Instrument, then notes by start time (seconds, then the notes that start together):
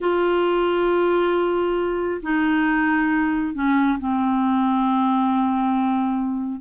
clarinet
0.00 F4
2.22 D#4
3.54 C#4
3.99 C4